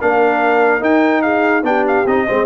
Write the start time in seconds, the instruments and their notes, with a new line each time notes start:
0.00 tuba A#3, trombone D4, horn A#4, trumpet F5
0.80 trombone D#4, tuba D#4, trumpet G5
1.21 horn G#4, trumpet F5
1.63 tuba B3, trombone D4, horn G4, trumpet G5
1.87 trumpet F5
2.06 tuba C4, trombone D#4, trumpet D#5
2.27 tuba G#3, trombone C4, horn C5